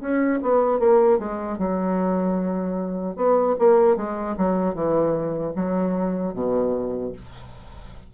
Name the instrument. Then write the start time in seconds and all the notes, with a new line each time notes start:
bassoon
0.00 C#4
0.42 B3
0.79 A#3
1.19 G#3
1.58 F#3
3.16 B3
3.59 A#3
3.97 G#3
4.37 F#3
4.74 E3
5.56 F#3
6.33 B2